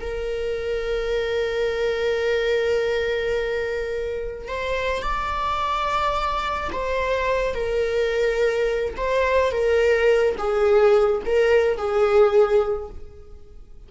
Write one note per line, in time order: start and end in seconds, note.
0.00 4.48 A#4
4.48 5.02 C5
5.02 6.70 D5
6.72 7.54 C5
7.54 8.94 A#4
8.96 9.51 C5
9.51 10.35 A#4
10.38 11.22 G#4
11.25 11.77 A#4
11.77 12.89 G#4